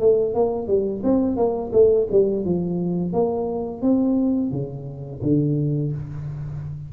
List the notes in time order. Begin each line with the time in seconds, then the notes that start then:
0.00 A3
0.35 A#3
0.68 G3
1.04 C4
1.37 A#3
1.73 A3
2.12 G3
2.45 F3
3.13 A#3
3.82 C4
4.52 C#3
5.23 D3